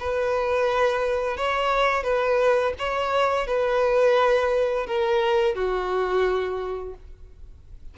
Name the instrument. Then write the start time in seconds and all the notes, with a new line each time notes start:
violin
0.00 B4
1.37 C#5
2.04 B4
2.79 C#5
3.47 B4
4.87 A#4
5.55 F#4